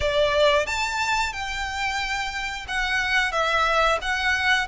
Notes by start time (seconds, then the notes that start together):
0.00 D5
0.66 A5
1.32 G5
2.68 F#5
3.32 E5
4.01 F#5